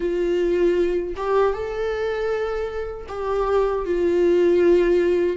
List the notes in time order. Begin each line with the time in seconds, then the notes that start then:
0.00 F4
1.16 G4
1.53 A4
3.08 G4
3.85 F4